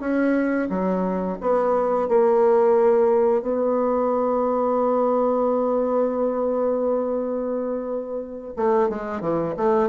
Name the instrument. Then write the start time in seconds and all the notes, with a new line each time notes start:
bassoon
0.00 C#4
0.69 F#3
1.40 B3
2.08 A#3
3.42 B3
8.56 A3
8.89 G#3
9.21 E3
9.56 A3